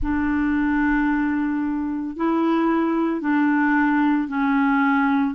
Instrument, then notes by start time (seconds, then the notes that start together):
clarinet
0.02 D4
2.16 E4
3.20 D4
4.28 C#4